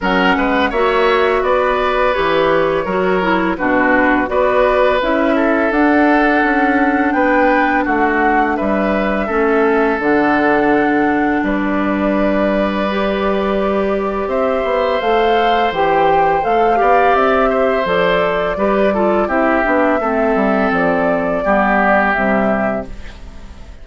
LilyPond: <<
  \new Staff \with { instrumentName = "flute" } { \time 4/4 \tempo 4 = 84 fis''4 e''4 d''4 cis''4~ | cis''4 b'4 d''4 e''4 | fis''2 g''4 fis''4 | e''2 fis''2 |
d''1 | e''4 f''4 g''4 f''4 | e''4 d''2 e''4~ | e''4 d''2 e''4 | }
  \new Staff \with { instrumentName = "oboe" } { \time 4/4 ais'8 b'8 cis''4 b'2 | ais'4 fis'4 b'4. a'8~ | a'2 b'4 fis'4 | b'4 a'2. |
b'1 | c''2.~ c''8 d''8~ | d''8 c''4. b'8 a'8 g'4 | a'2 g'2 | }
  \new Staff \with { instrumentName = "clarinet" } { \time 4/4 cis'4 fis'2 g'4 | fis'8 e'8 d'4 fis'4 e'4 | d'1~ | d'4 cis'4 d'2~ |
d'2 g'2~ | g'4 a'4 g'4 a'8 g'8~ | g'4 a'4 g'8 f'8 e'8 d'8 | c'2 b4 g4 | }
  \new Staff \with { instrumentName = "bassoon" } { \time 4/4 fis8 gis8 ais4 b4 e4 | fis4 b,4 b4 cis'4 | d'4 cis'4 b4 a4 | g4 a4 d2 |
g1 | c'8 b8 a4 e4 a8 b8 | c'4 f4 g4 c'8 b8 | a8 g8 f4 g4 c4 | }
>>